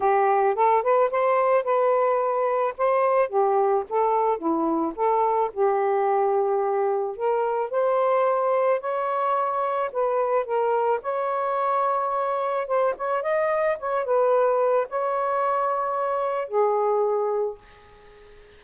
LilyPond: \new Staff \with { instrumentName = "saxophone" } { \time 4/4 \tempo 4 = 109 g'4 a'8 b'8 c''4 b'4~ | b'4 c''4 g'4 a'4 | e'4 a'4 g'2~ | g'4 ais'4 c''2 |
cis''2 b'4 ais'4 | cis''2. c''8 cis''8 | dis''4 cis''8 b'4. cis''4~ | cis''2 gis'2 | }